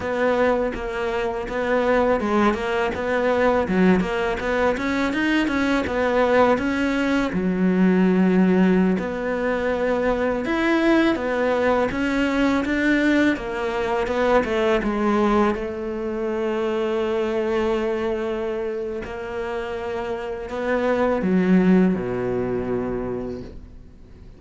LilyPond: \new Staff \with { instrumentName = "cello" } { \time 4/4 \tempo 4 = 82 b4 ais4 b4 gis8 ais8 | b4 fis8 ais8 b8 cis'8 dis'8 cis'8 | b4 cis'4 fis2~ | fis16 b2 e'4 b8.~ |
b16 cis'4 d'4 ais4 b8 a16~ | a16 gis4 a2~ a8.~ | a2 ais2 | b4 fis4 b,2 | }